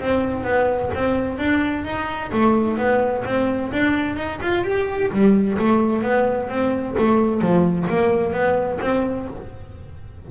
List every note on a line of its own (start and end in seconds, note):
0.00 0.44 C4
0.44 0.90 B3
0.94 1.38 C4
1.38 1.84 D4
1.84 2.31 D#4
2.32 2.77 A3
2.77 3.24 B3
3.25 3.71 C4
3.72 4.16 D4
4.16 4.40 D#4
4.41 4.64 F4
4.64 5.10 G4
5.11 5.58 G3
5.58 6.02 A3
6.02 6.49 B3
6.49 6.95 C4
6.98 7.41 A3
7.41 7.87 F3
7.89 8.33 A#3
8.33 8.79 B3
8.81 9.27 C4